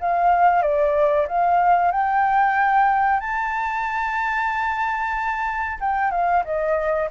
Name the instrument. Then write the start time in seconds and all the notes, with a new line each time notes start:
flute
0.00 F5
0.62 D5
1.27 F5
1.91 G5
3.20 A5
5.80 G5
6.11 F5
6.45 D#5